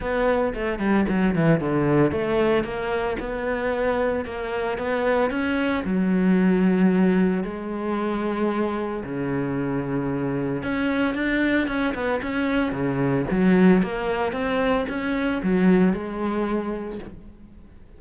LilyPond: \new Staff \with { instrumentName = "cello" } { \time 4/4 \tempo 4 = 113 b4 a8 g8 fis8 e8 d4 | a4 ais4 b2 | ais4 b4 cis'4 fis4~ | fis2 gis2~ |
gis4 cis2. | cis'4 d'4 cis'8 b8 cis'4 | cis4 fis4 ais4 c'4 | cis'4 fis4 gis2 | }